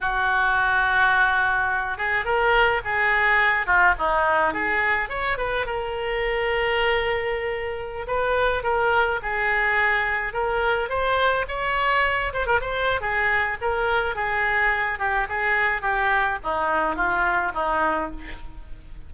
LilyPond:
\new Staff \with { instrumentName = "oboe" } { \time 4/4 \tempo 4 = 106 fis'2.~ fis'8 gis'8 | ais'4 gis'4. f'8 dis'4 | gis'4 cis''8 b'8 ais'2~ | ais'2~ ais'16 b'4 ais'8.~ |
ais'16 gis'2 ais'4 c''8.~ | c''16 cis''4. c''16 ais'16 c''8. gis'4 | ais'4 gis'4. g'8 gis'4 | g'4 dis'4 f'4 dis'4 | }